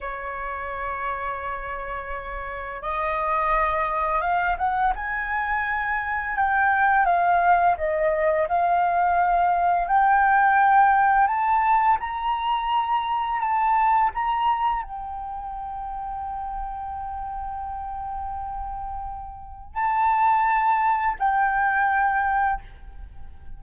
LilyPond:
\new Staff \with { instrumentName = "flute" } { \time 4/4 \tempo 4 = 85 cis''1 | dis''2 f''8 fis''8 gis''4~ | gis''4 g''4 f''4 dis''4 | f''2 g''2 |
a''4 ais''2 a''4 | ais''4 g''2.~ | g''1 | a''2 g''2 | }